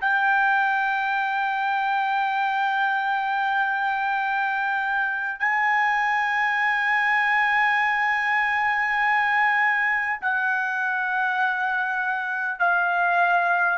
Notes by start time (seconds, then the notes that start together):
0.00 G5
5.39 G#5
10.21 F#5
12.59 F5